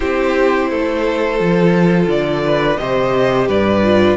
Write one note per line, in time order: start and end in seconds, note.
0.00 0.70 C4
0.00 1.38 E4
0.00 0.69 G4
0.00 2.07 C5
0.69 1.40 A3
0.69 2.44 A4
1.38 2.07 F3
1.38 2.77 F4
2.07 2.76 D3
2.07 2.77 D5
2.45 2.80 B4
2.77 3.48 C3
2.77 3.83 G4
2.77 3.48 C5
2.77 3.47 D#5
3.48 4.17 G2
3.48 4.17 B4
3.48 4.17 D5
3.83 4.17 F4